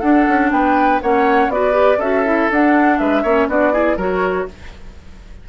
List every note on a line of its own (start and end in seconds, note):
0.00 0.27 D4
0.00 1.01 D4
0.00 0.50 A4
0.00 0.50 F#5
0.28 0.51 C#4
0.51 1.01 B3
0.51 1.02 B4
0.51 1.01 G5
1.02 1.48 A#3
1.02 1.52 C#4
1.02 1.52 C#5
1.02 1.51 F#5
1.48 1.98 B3
1.48 1.72 F#4
1.48 1.98 B4
1.48 2.01 D5
1.72 1.97 G4
1.98 2.47 C#4
1.98 2.25 F#4
1.98 2.97 A4
1.98 2.50 E5
2.25 2.50 E4
2.51 3.00 D4
2.51 3.26 D4
2.51 2.98 F#5
2.98 3.24 G#3
2.98 3.23 B4
2.98 3.48 E5
3.23 3.47 A#3
3.23 3.50 C#4
3.23 3.47 C#5
3.47 3.97 B3
3.47 3.72 D4
3.47 3.73 F#4
3.47 3.99 D5
3.72 3.97 E4
3.72 3.97 G#4
3.97 4.46 F#3
3.97 4.48 F#4
3.97 4.46 A#4
3.97 4.49 C#5